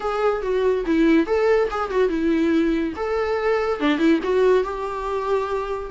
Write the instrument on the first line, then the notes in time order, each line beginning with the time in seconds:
viola
0.00 G#4
0.41 F#4
0.86 E4
1.26 A4
1.70 G#4
1.90 F#4
2.09 E4
2.96 A4
3.80 D4
3.98 E4
4.23 F#4
4.63 G4